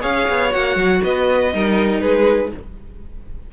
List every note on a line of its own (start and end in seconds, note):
0.00 0.29 C#4
0.00 0.50 G#4
0.00 1.00 C#5
0.00 0.52 F5
0.29 0.54 B3
0.51 0.75 A#3
0.51 1.51 F#4
0.51 1.02 F#5
0.75 1.00 F#3
1.03 1.53 B3
1.03 1.53 B4
1.03 2.01 D#5
1.53 2.02 G3
1.53 2.53 D#4
1.53 2.01 A#4
2.01 2.52 G#3
2.01 2.51 G#4
2.01 2.51 B4